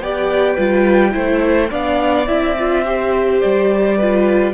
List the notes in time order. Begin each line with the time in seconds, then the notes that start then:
0.00 B3 G4 D5 G5
0.55 G3 F4 B4
1.12 A3 E4 C5
1.70 B3 D4 D5 F5
2.27 C4 E4 E5
2.58 F4
2.85 G4 C5
3.41 G3 D5
3.97 F4 B4